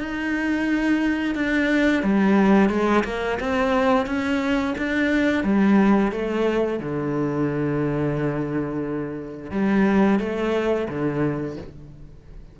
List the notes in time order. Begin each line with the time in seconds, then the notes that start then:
0.00 D#4
1.35 D4
2.03 G3
2.70 G#3
3.04 A#3
3.40 C4
4.06 C#4
4.78 D4
5.44 G3
6.12 A3
6.79 D3
9.51 G3
10.19 A3
10.89 D3